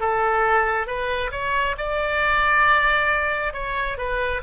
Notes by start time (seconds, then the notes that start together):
0.00 A4
0.87 B4
1.32 C#5
1.78 D5
3.54 C#5
3.98 B4